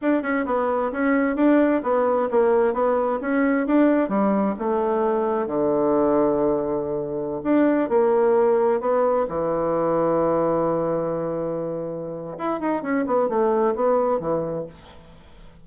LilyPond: \new Staff \with { instrumentName = "bassoon" } { \time 4/4 \tempo 4 = 131 d'8 cis'8 b4 cis'4 d'4 | b4 ais4 b4 cis'4 | d'4 g4 a2 | d1~ |
d16 d'4 ais2 b8.~ | b16 e2.~ e8.~ | e2. e'8 dis'8 | cis'8 b8 a4 b4 e4 | }